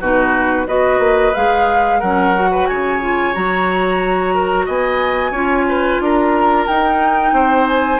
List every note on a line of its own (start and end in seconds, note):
0.00 0.66 B2
0.00 0.66 D#4
0.00 0.67 F#4
0.00 0.67 B4
0.66 0.98 B3
0.66 1.33 F#4
0.66 1.99 B4
0.66 1.34 D#5
0.98 1.32 A#3
1.34 2.02 G#3
1.34 2.02 G#4
1.34 2.00 F5
1.99 2.68 F#3
1.99 2.35 C#4
1.99 2.49 A#4
1.99 2.67 F#5
2.35 3.01 F#4
2.51 2.68 B4
2.67 3.35 C#3
2.67 4.34 C#5
2.67 3.33 G#5
3.01 3.33 F4
3.33 4.67 F#3
3.33 5.33 F#4
3.33 4.67 A#5
4.34 4.66 A#4
4.66 5.30 B3
4.66 5.31 D#5
4.66 6.02 G#5
5.30 5.97 C#4
5.30 6.68 F4
5.30 5.64 C#5
5.68 6.01 B4
6.00 6.67 D4
6.00 7.34 A#4
6.00 6.67 A#5
6.67 7.32 D#4
6.67 8.00 D#4
6.67 7.67 G5
7.32 7.99 C4
7.32 8.00 C5
7.67 8.00 G#5